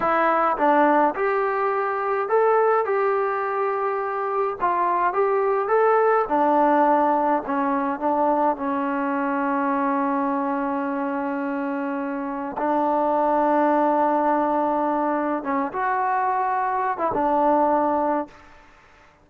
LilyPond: \new Staff \with { instrumentName = "trombone" } { \time 4/4 \tempo 4 = 105 e'4 d'4 g'2 | a'4 g'2. | f'4 g'4 a'4 d'4~ | d'4 cis'4 d'4 cis'4~ |
cis'1~ | cis'2 d'2~ | d'2. cis'8 fis'8~ | fis'4.~ fis'16 e'16 d'2 | }